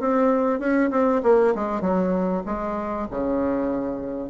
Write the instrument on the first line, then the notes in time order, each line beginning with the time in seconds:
bassoon
0.00 C4
0.60 C#4
0.91 C4
1.23 A#3
1.55 G#3
1.81 F#3
2.46 G#3
3.11 C#3